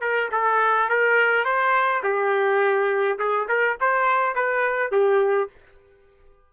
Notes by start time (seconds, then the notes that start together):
0.00 A#4
0.31 A4
0.89 A#4
1.44 C5
2.03 G4
3.19 G#4
3.48 A#4
3.80 C5
4.35 B4
4.91 G4